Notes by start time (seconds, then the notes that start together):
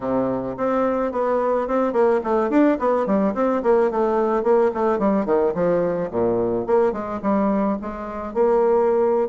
0.00 C3
0.57 C4
1.11 B3
1.67 C4
1.92 A#3
2.23 A3
2.50 D4
2.79 B3
3.06 G3
3.34 C4
3.62 A#3
3.90 A3
4.43 A#3
4.74 A3
4.98 G3
5.25 D#3
5.54 F3
6.10 A#2
6.66 A#3
6.92 G#3
7.22 G3
7.81 G#3
8.33 A#3